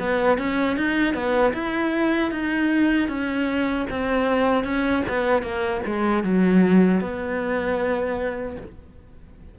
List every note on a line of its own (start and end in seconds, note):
0.00 0.39 B3
0.39 0.77 C#4
0.77 1.14 D#4
1.14 1.53 B3
1.54 2.32 E4
2.32 3.09 D#4
3.09 3.87 C#4
3.91 4.65 C4
4.65 5.04 C#4
5.09 5.43 B3
5.43 5.82 A#3
5.87 6.24 G#3
6.24 7.01 F#3
7.01 8.57 B3